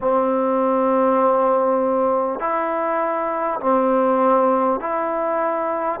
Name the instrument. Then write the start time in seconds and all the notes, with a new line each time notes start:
trombone
0.01 C4
2.39 E4
3.59 C4
4.79 E4